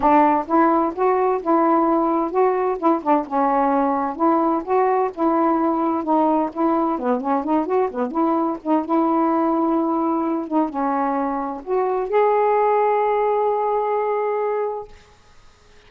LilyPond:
\new Staff \with { instrumentName = "saxophone" } { \time 4/4 \tempo 4 = 129 d'4 e'4 fis'4 e'4~ | e'4 fis'4 e'8 d'8 cis'4~ | cis'4 e'4 fis'4 e'4~ | e'4 dis'4 e'4 b8 cis'8 |
dis'8 fis'8 b8 e'4 dis'8 e'4~ | e'2~ e'8 dis'8 cis'4~ | cis'4 fis'4 gis'2~ | gis'1 | }